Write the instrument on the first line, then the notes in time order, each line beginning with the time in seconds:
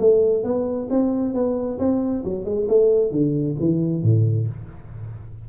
tuba
0.00 A3
0.44 B3
0.90 C4
1.34 B3
1.79 C4
2.25 F#3
2.45 G#3
2.68 A3
3.11 D3
3.60 E3
4.03 A2